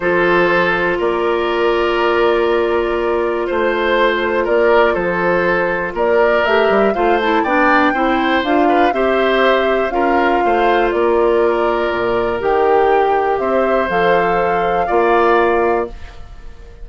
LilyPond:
<<
  \new Staff \with { instrumentName = "flute" } { \time 4/4 \tempo 4 = 121 c''2 d''2~ | d''2. c''4~ | c''4 d''4 c''2 | d''4 e''4 f''8 a''8 g''4~ |
g''4 f''4 e''2 | f''2 d''2~ | d''4 g''2 e''4 | f''1 | }
  \new Staff \with { instrumentName = "oboe" } { \time 4/4 a'2 ais'2~ | ais'2. c''4~ | c''4 ais'4 a'2 | ais'2 c''4 d''4 |
c''4. b'8 c''2 | ais'4 c''4 ais'2~ | ais'2. c''4~ | c''2 d''2 | }
  \new Staff \with { instrumentName = "clarinet" } { \time 4/4 f'1~ | f'1~ | f'1~ | f'4 g'4 f'8 e'8 d'4 |
e'4 f'4 g'2 | f'1~ | f'4 g'2. | a'2 f'2 | }
  \new Staff \with { instrumentName = "bassoon" } { \time 4/4 f2 ais2~ | ais2. a4~ | a4 ais4 f2 | ais4 a8 g8 a4 b4 |
c'4 d'4 c'2 | cis'4 a4 ais2 | ais,4 dis2 c'4 | f2 ais2 | }
>>